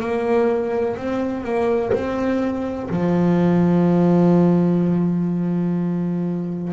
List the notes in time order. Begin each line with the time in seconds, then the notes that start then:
0.00 A#3
0.97 C4
1.44 A#3
1.93 C4
2.90 F3